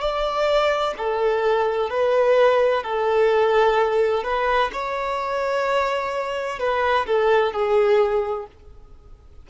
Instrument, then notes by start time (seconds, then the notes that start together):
violin
0.00 D5
0.98 A4
1.90 B4
2.83 A4
4.24 B4
4.73 C#5
6.59 B4
7.06 A4
7.53 G#4